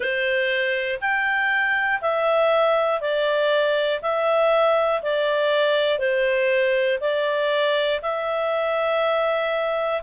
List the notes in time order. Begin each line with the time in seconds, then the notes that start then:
0.00 C5
1.00 G5
2.00 E5
3.00 D5
4.01 E5
5.02 D5
5.99 C5
7.00 D5
8.02 E5